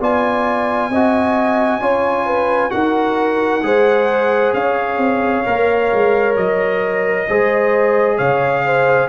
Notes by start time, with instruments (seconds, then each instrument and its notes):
0.00 tuba B3, trombone F4, horn D5, trumpet G#5
0.90 tuba C4, trombone F#4, horn D#5
1.80 tuba C#4, trombone F4, horn C#5
2.27 horn B4
2.70 tuba D#4, trombone F#4, horn A#4, trumpet F#5
3.63 tuba G#3, trombone G#4, horn C5
4.54 tuba C#4, horn C#5, trumpet F5
4.98 tuba C4
5.46 tuba A#3, trombone A#4
5.93 tuba G#3
6.36 tuba F#3, trumpet D#5
7.29 tuba G#3, trombone G#4, horn C5
8.18 tuba C#3, horn C#5, trumpet F5
8.66 horn C5